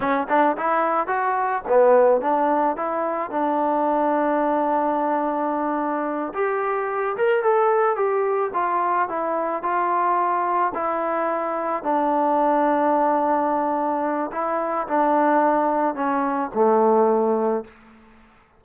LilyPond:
\new Staff \with { instrumentName = "trombone" } { \time 4/4 \tempo 4 = 109 cis'8 d'8 e'4 fis'4 b4 | d'4 e'4 d'2~ | d'2.~ d'8 g'8~ | g'4 ais'8 a'4 g'4 f'8~ |
f'8 e'4 f'2 e'8~ | e'4. d'2~ d'8~ | d'2 e'4 d'4~ | d'4 cis'4 a2 | }